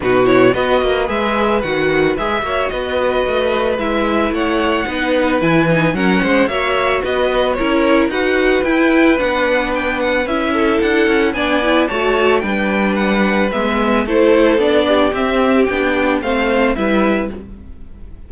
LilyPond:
<<
  \new Staff \with { instrumentName = "violin" } { \time 4/4 \tempo 4 = 111 b'8 cis''8 dis''4 e''4 fis''4 | e''4 dis''2 e''4 | fis''2 gis''4 fis''4 | e''4 dis''4 cis''4 fis''4 |
g''4 fis''4 g''8 fis''8 e''4 | fis''4 gis''4 a''4 g''4 | fis''4 e''4 c''4 d''4 | e''4 g''4 f''4 e''4 | }
  \new Staff \with { instrumentName = "violin" } { \time 4/4 fis'4 b'2.~ | b'8 cis''8 b'2. | cis''4 b'2 ais'8 c''8 | cis''4 b'4 ais'4 b'4~ |
b'2.~ b'8 a'8~ | a'4 d''4 cis''4 b'4~ | b'2 a'4. g'8~ | g'2 c''4 b'4 | }
  \new Staff \with { instrumentName = "viola" } { \time 4/4 dis'8 e'8 fis'4 gis'4 fis'4 | gis'8 fis'2~ fis'8 e'4~ | e'4 dis'4 e'8 dis'8 cis'4 | fis'2 e'4 fis'4 |
e'4 d'2 e'4~ | e'4 d'8 e'8 fis'4 d'4~ | d'4 b4 e'4 d'4 | c'4 d'4 c'4 e'4 | }
  \new Staff \with { instrumentName = "cello" } { \time 4/4 b,4 b8 ais8 gis4 dis4 | gis8 ais8 b4 a4 gis4 | a4 b4 e4 fis8 gis8 | ais4 b4 cis'4 dis'4 |
e'4 b2 cis'4 | d'8 cis'8 b4 a4 g4~ | g4 gis4 a4 b4 | c'4 b4 a4 g4 | }
>>